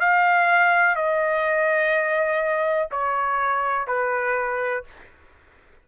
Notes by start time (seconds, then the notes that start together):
0.00 F5
0.95 D#5
2.91 C#5
3.87 B4